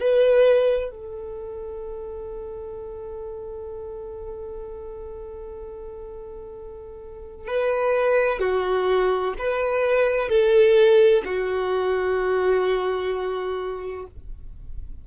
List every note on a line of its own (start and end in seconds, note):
0.00 0.91 B4
0.91 7.47 A4
7.47 8.40 B4
8.40 9.34 F#4
9.39 10.29 B4
10.29 11.23 A4
11.25 14.06 F#4